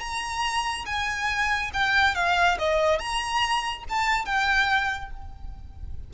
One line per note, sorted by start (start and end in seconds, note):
0.00 0.85 A#5
0.86 1.71 G#5
1.74 2.15 G5
2.15 2.58 F5
2.59 2.99 D#5
2.99 3.84 A#5
3.89 4.26 A5
4.26 5.11 G5